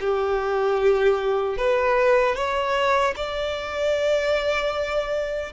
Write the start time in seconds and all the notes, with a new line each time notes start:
0.00 G4
1.58 B4
2.35 C#5
3.16 D5